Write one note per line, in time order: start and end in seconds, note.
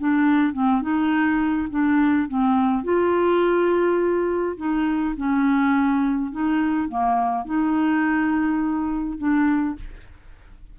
0.00 0.53 D4
0.53 0.82 C4
0.82 1.69 D#4
1.71 2.28 D4
2.28 2.84 C4
2.84 4.57 F4
4.58 5.15 D#4
5.17 6.32 C#4
6.32 6.89 D#4
6.89 7.46 A#3
7.46 9.19 D#4
9.19 9.76 D4